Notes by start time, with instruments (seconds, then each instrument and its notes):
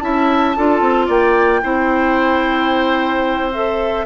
0.00 bassoon C#4, clarinet E4, oboe E5, flute A5
0.57 bassoon D4, clarinet F4, oboe A4
0.81 bassoon C4
1.07 bassoon A#3, oboe D5, flute G5
1.62 bassoon C4, clarinet E4, oboe C5
3.53 clarinet A4, flute E5